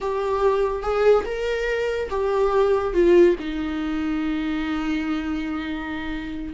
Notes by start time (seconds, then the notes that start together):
0.00 G4
0.82 G#4
1.25 A#4
2.10 G4
2.93 F4
3.39 D#4